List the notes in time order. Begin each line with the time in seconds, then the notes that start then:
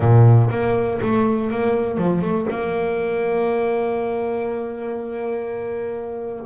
0.00 A#2
0.50 A#3
1.01 A3
1.50 A#3
1.97 F3
2.21 A3
2.50 A#3